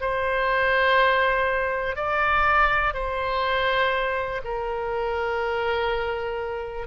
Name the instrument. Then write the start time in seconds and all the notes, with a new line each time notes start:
oboe
0.00 C5
1.95 D5
2.94 C5
4.44 A#4